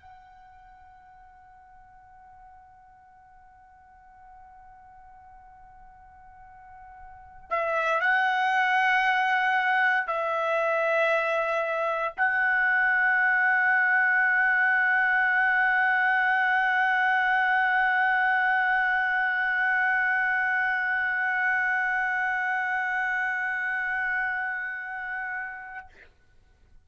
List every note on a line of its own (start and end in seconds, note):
0.00 7.50 F#5
7.50 8.01 E5
8.01 10.07 F#5
10.07 12.14 E5
12.17 25.88 F#5